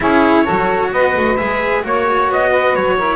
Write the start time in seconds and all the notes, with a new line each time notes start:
0.00 C#4 E4 G#4 C#5
0.43 F#4 A4
0.49 F#3
0.92 B3 B4 D#5
1.16 A3
1.37 G#3 G#4 E5
1.83 A#3 F#4 C#5
2.29 B3 D#5
2.50 B4
2.75 F#3 C#5
2.98 E4 A#4